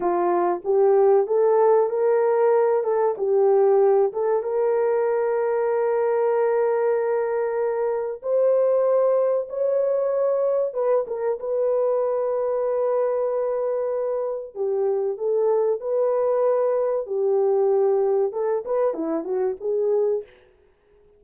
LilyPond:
\new Staff \with { instrumentName = "horn" } { \time 4/4 \tempo 4 = 95 f'4 g'4 a'4 ais'4~ | ais'8 a'8 g'4. a'8 ais'4~ | ais'1~ | ais'4 c''2 cis''4~ |
cis''4 b'8 ais'8 b'2~ | b'2. g'4 | a'4 b'2 g'4~ | g'4 a'8 b'8 e'8 fis'8 gis'4 | }